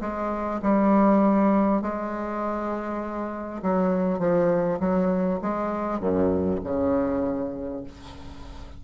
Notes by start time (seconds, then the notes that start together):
0.00 G#3
0.62 G3
1.82 G#3
3.62 F#3
4.19 F3
4.79 F#3
5.41 G#3
5.99 F#2
6.63 C#3